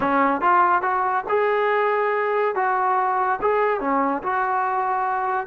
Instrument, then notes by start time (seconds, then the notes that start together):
trombone
0.00 C#4
0.41 F4
0.82 F#4
1.28 G#4
2.55 F#4
3.41 G#4
3.80 C#4
4.22 F#4